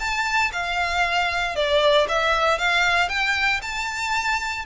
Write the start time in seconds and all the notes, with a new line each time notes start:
0.00 A5
0.53 F5
1.56 D5
2.09 E5
2.59 F5
3.09 G5
3.62 A5